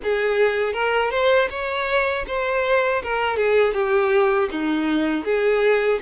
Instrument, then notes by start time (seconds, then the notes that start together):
violin
0.03 G#4
0.73 A#4
1.10 C5
1.50 C#5
2.27 C5
3.02 A#4
3.36 G#4
3.73 G4
4.51 D#4
5.24 G#4